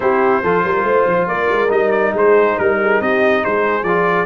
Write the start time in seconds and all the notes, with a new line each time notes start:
0.00 C4 E4 G4 C5
0.43 F3 F4 A4
0.64 G3 A#4
0.83 A3 C5
1.06 F3
1.27 A#3 A#4 D5
1.51 G#3
1.68 G3 D#4 D#5
1.91 D5
2.14 G#3 G#4 C5
2.57 G3 A#4
2.81 G#4
3.00 C4 G4 D#5
3.42 G#3 G#4 C5
3.83 F3 F4 D5